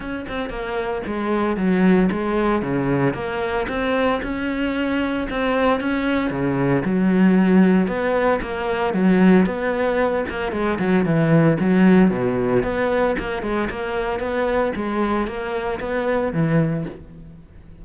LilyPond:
\new Staff \with { instrumentName = "cello" } { \time 4/4 \tempo 4 = 114 cis'8 c'8 ais4 gis4 fis4 | gis4 cis4 ais4 c'4 | cis'2 c'4 cis'4 | cis4 fis2 b4 |
ais4 fis4 b4. ais8 | gis8 fis8 e4 fis4 b,4 | b4 ais8 gis8 ais4 b4 | gis4 ais4 b4 e4 | }